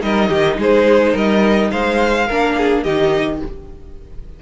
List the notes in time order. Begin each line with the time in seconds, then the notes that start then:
0.00 G3 D#4 A#4 D#5
0.29 D#3 G4
0.57 G#3 G#4 C5
1.13 G3 A#4 D#5
1.71 G#3 C5 F5
2.27 A#3 D4 A#4
2.57 G#4
2.83 D#3 D#4 G4 D#5